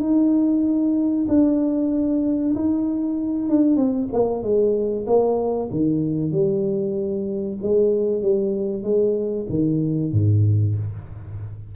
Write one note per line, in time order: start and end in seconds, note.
0.00 1.26 D#4
1.28 2.54 D4
2.55 3.49 D#4
3.49 3.76 D4
3.76 4.08 C4
4.13 4.43 A#3
4.43 5.06 G#3
5.06 5.70 A#3
5.71 6.32 D#3
6.32 7.58 G3
7.62 8.22 G#3
8.22 8.83 G3
8.83 9.46 G#3
9.50 10.13 D#3
10.13 10.76 G#2